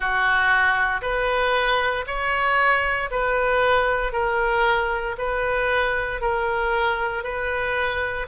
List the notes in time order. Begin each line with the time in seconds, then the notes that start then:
0.00 F#4
1.01 B4
2.06 C#5
3.10 B4
4.12 A#4
5.17 B4
6.21 A#4
7.23 B4